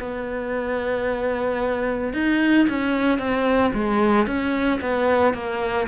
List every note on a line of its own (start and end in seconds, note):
0.00 2.14 B3
2.14 2.67 D#4
2.69 3.19 C#4
3.19 3.73 C4
3.75 4.27 G#3
4.27 4.81 C#4
4.82 5.34 B3
5.34 5.88 A#3